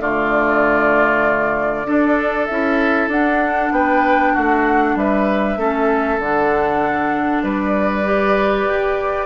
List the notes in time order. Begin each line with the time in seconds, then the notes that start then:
0.00 D3 A3 F4 D5
1.85 D4 A4
2.46 C#4 E4 E5
3.08 D4 F#5
3.72 B3 B4 G5
4.34 A3 F#4 F#5
4.95 G3 B4 E5
5.57 A3 C#4 A4
6.19 D3 D4 F#5
7.43 G3 B4 D5
8.04 G4
8.66 G4